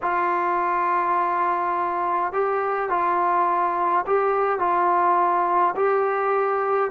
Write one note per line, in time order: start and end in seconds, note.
0.02 2.32 F4
2.32 2.89 G4
2.89 4.05 F4
4.06 4.59 G4
4.59 5.74 F4
5.75 6.90 G4